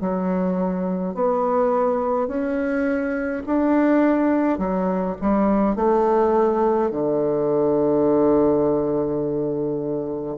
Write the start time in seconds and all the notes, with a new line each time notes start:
0.00 F#3
1.14 B3
2.27 C#4
3.46 D4
4.58 F#3
5.21 G3
5.75 A3
6.91 D3